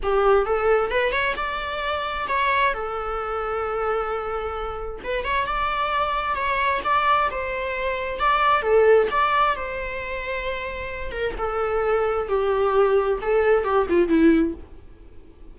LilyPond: \new Staff \with { instrumentName = "viola" } { \time 4/4 \tempo 4 = 132 g'4 a'4 b'8 cis''8 d''4~ | d''4 cis''4 a'2~ | a'2. b'8 cis''8 | d''2 cis''4 d''4 |
c''2 d''4 a'4 | d''4 c''2.~ | c''8 ais'8 a'2 g'4~ | g'4 a'4 g'8 f'8 e'4 | }